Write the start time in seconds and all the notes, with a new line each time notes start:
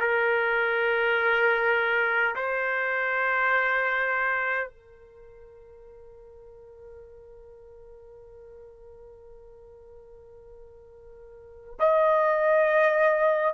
0.00 A#4
2.36 C5
4.69 A#4
11.80 D#5